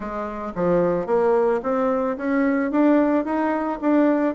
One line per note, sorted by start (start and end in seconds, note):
0.00 0.53 G#3
0.55 1.06 F3
1.06 1.60 A#3
1.62 2.16 C4
2.17 2.71 C#4
2.71 3.24 D4
3.24 3.78 D#4
3.81 4.34 D4